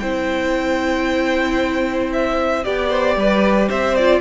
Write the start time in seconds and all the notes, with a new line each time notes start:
0.00 C4 E4 C5 G5
2.13 E5
2.64 B3 G4 D5
2.90 C5
3.17 G3 B4
3.69 C4 C5 E5
3.96 F4 D5